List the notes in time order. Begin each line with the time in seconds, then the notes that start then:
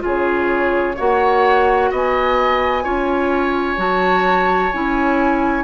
0.00 C#3 F4 G#4 C#5
0.96 A#3 F#4 C#5 F#5
1.91 B3 D#5 G#5
2.84 C#4 F4 C#5
3.77 F#3 F#4 A5
4.73 C#4 E4 G#5